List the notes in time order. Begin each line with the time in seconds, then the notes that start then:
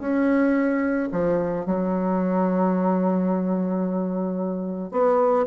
0.00 C#4
1.12 F3
1.66 F#3
4.92 B3